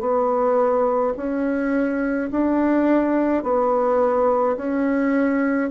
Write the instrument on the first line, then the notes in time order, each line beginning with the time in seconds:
bassoon
0.00 B3
1.17 C#4
2.31 D4
3.43 B3
4.56 C#4